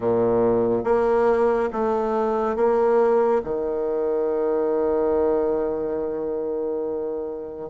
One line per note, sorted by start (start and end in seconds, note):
0.00 0.84 A#2
0.84 1.69 A#3
1.72 2.56 A3
2.56 3.41 A#3
3.44 7.69 D#3